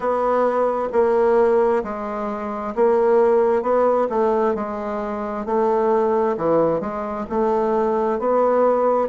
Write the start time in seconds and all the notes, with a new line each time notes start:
0.00 B3
0.92 A#3
1.83 G#3
2.75 A#3
3.62 B3
4.09 A3
4.55 G#3
5.45 A3
6.37 E3
6.80 G#3
7.29 A3
8.19 B3